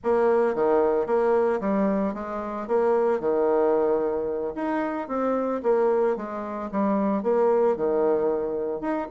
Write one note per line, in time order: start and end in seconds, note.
0.03 0.55 A#3
0.55 1.06 D#3
1.06 1.60 A#3
1.60 2.14 G3
2.14 2.67 G#3
2.67 3.20 A#3
3.20 4.54 D#3
4.55 5.07 D#4
5.07 5.61 C4
5.62 6.16 A#3
6.16 6.70 G#3
6.71 7.22 G3
7.22 7.76 A#3
7.76 8.81 D#3
8.81 9.07 D#4